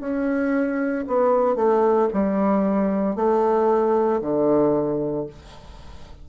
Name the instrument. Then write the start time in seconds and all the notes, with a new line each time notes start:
bassoon
0.00 C#4
1.07 B3
1.56 A3
2.13 G3
3.16 A3
4.22 D3